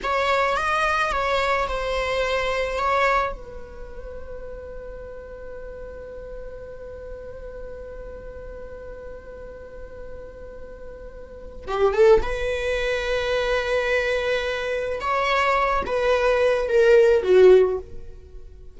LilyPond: \new Staff \with { instrumentName = "viola" } { \time 4/4 \tempo 4 = 108 cis''4 dis''4 cis''4 c''4~ | c''4 cis''4 b'2~ | b'1~ | b'1~ |
b'1~ | b'4 g'8 a'8 b'2~ | b'2. cis''4~ | cis''8 b'4. ais'4 fis'4 | }